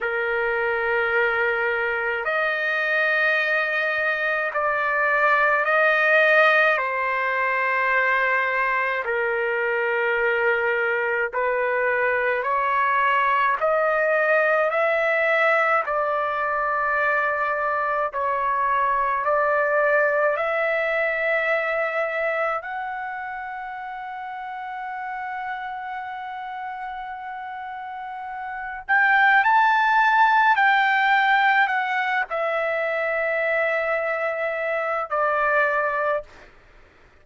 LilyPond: \new Staff \with { instrumentName = "trumpet" } { \time 4/4 \tempo 4 = 53 ais'2 dis''2 | d''4 dis''4 c''2 | ais'2 b'4 cis''4 | dis''4 e''4 d''2 |
cis''4 d''4 e''2 | fis''1~ | fis''4. g''8 a''4 g''4 | fis''8 e''2~ e''8 d''4 | }